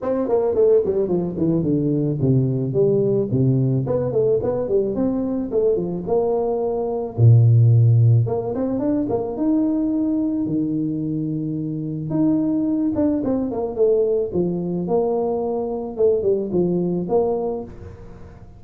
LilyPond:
\new Staff \with { instrumentName = "tuba" } { \time 4/4 \tempo 4 = 109 c'8 ais8 a8 g8 f8 e8 d4 | c4 g4 c4 b8 a8 | b8 g8 c'4 a8 f8 ais4~ | ais4 ais,2 ais8 c'8 |
d'8 ais8 dis'2 dis4~ | dis2 dis'4. d'8 | c'8 ais8 a4 f4 ais4~ | ais4 a8 g8 f4 ais4 | }